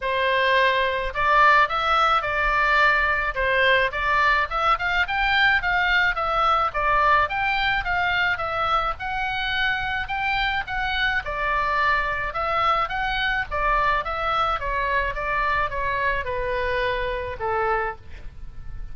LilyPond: \new Staff \with { instrumentName = "oboe" } { \time 4/4 \tempo 4 = 107 c''2 d''4 e''4 | d''2 c''4 d''4 | e''8 f''8 g''4 f''4 e''4 | d''4 g''4 f''4 e''4 |
fis''2 g''4 fis''4 | d''2 e''4 fis''4 | d''4 e''4 cis''4 d''4 | cis''4 b'2 a'4 | }